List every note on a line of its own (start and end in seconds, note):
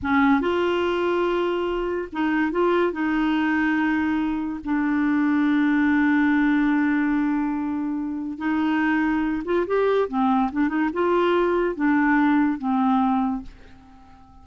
0.02 0.40 C#4
0.40 2.08 F4
2.12 2.51 D#4
2.51 2.92 F4
2.92 4.60 D#4
4.64 8.37 D4
8.37 9.42 D#4
9.44 9.65 F4
9.67 10.08 G4
10.08 10.50 C4
10.51 10.68 D4
10.68 10.89 D#4
10.93 11.75 F4
11.75 12.58 D4
12.58 13.42 C4